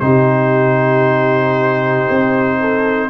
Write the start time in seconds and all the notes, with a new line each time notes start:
0.00 C3 D#4 G4 C5
2.10 C4
2.60 A4